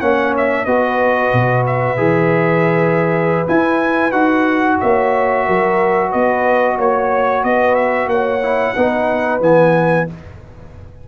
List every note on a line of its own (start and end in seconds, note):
0.00 0.66 A#3
0.00 0.66 C#4
0.00 0.66 C#5
0.00 0.34 F#5
0.37 0.65 E5
0.65 1.32 B3
0.65 1.97 F#4
0.65 4.78 B4
0.65 1.64 D#5
1.33 1.98 B2
1.66 3.47 E5
1.97 3.46 E3
1.97 3.45 G#4
3.46 4.12 E4
3.46 4.11 E4
3.46 4.11 G#5
4.11 4.77 D#4
4.11 8.40 F#4
4.11 4.77 F#5
4.80 5.48 A#3
4.80 5.45 C#5
4.80 6.12 E5
5.45 6.14 F#3
5.45 6.09 A#4
6.09 6.78 B3
6.09 6.75 B4
6.09 6.78 D#5
6.77 7.44 A#3
6.77 7.43 C#5
6.77 7.44 C#5
7.44 8.07 B3
7.44 8.10 B4
7.44 7.75 D#5
7.75 8.08 E5
8.07 8.73 A#3
8.07 8.75 C#5
8.07 9.41 F#5
8.42 8.75 E4
8.75 9.40 B3
8.75 9.41 D#4
8.75 10.07 B4
9.40 10.06 E3
9.40 10.07 B3
9.40 10.08 G#5